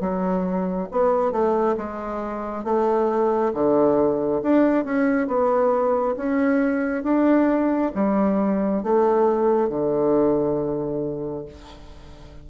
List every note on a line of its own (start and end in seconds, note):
0.00 0.88 F#3
0.92 1.32 B3
1.32 1.76 A3
1.77 2.64 G#3
2.64 3.53 A3
3.54 4.42 D3
4.43 4.84 D4
4.84 5.27 C#4
5.27 6.16 B3
6.16 7.04 C#4
7.04 7.92 D4
7.95 8.83 G3
8.83 9.69 A3
9.69 11.45 D3